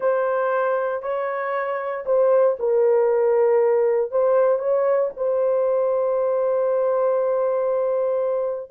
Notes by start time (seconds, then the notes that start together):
0.00 C5
1.02 C#5
2.05 C5
2.59 A#4
4.11 C5
4.59 C#5
5.16 C5